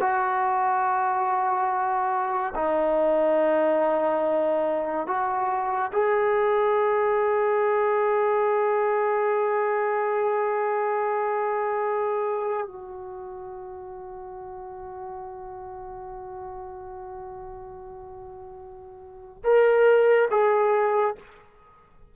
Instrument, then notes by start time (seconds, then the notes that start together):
trombone
0.00 F#4
2.55 D#4
5.07 F#4
5.92 G#4
12.67 F#4
19.44 A#4
20.30 G#4